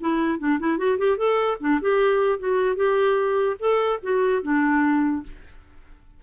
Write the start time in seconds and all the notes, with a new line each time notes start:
0.00 E4
0.39 D4
0.59 E4
0.77 F#4
0.98 G4
1.17 A4
1.60 D4
1.81 G4
2.39 F#4
2.76 G4
3.59 A4
4.02 F#4
4.42 D4